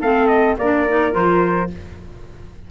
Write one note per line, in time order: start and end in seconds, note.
0.00 0.57 A3
0.00 0.59 C4
0.00 0.56 A4
0.00 0.27 F5
0.27 0.55 D#5
0.58 1.14 A#3
0.58 0.88 D4
0.58 1.71 A#4
0.58 1.14 D5
0.88 1.11 D#4
1.11 1.70 F3
1.11 1.67 F4
1.11 1.70 C5